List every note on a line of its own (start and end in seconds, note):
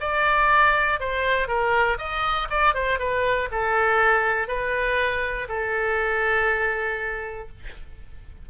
0.00 1.00 D5
1.00 1.48 C5
1.48 1.98 A#4
1.98 2.48 D#5
2.50 2.74 D5
2.74 2.99 C5
2.99 3.49 B4
3.51 4.48 A4
4.48 5.48 B4
5.49 7.49 A4